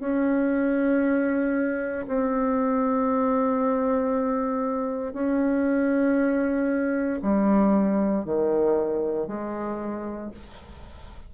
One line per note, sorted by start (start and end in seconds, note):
0.00 2.07 C#4
2.07 5.13 C4
5.13 7.20 C#4
7.22 8.25 G3
8.25 9.27 D#3
9.27 10.31 G#3